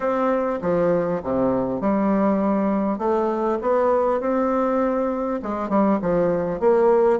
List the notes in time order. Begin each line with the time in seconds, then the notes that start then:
0.00 C4
0.61 F3
1.23 C3
1.81 G3
2.98 A3
3.61 B3
4.20 C4
5.42 G#3
5.69 G3
6.01 F3
6.59 A#3